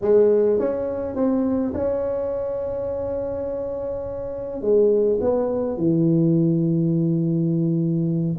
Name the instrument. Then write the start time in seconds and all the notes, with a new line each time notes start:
tuba
0.01 G#3
0.59 C#4
1.15 C4
1.74 C#4
4.61 G#3
5.21 B3
5.77 E3